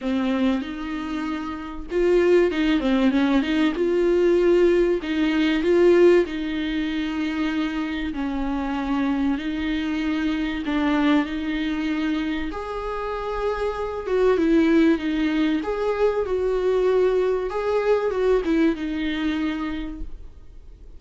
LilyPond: \new Staff \with { instrumentName = "viola" } { \time 4/4 \tempo 4 = 96 c'4 dis'2 f'4 | dis'8 c'8 cis'8 dis'8 f'2 | dis'4 f'4 dis'2~ | dis'4 cis'2 dis'4~ |
dis'4 d'4 dis'2 | gis'2~ gis'8 fis'8 e'4 | dis'4 gis'4 fis'2 | gis'4 fis'8 e'8 dis'2 | }